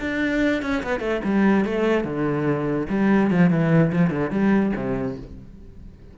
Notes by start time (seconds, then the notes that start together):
0.00 D4
0.62 C#4
0.83 B3
1.00 A3
1.24 G3
1.65 A3
2.04 D3
2.89 G3
3.31 F3
3.50 E3
3.92 F3
4.10 D3
4.31 G3
4.76 C3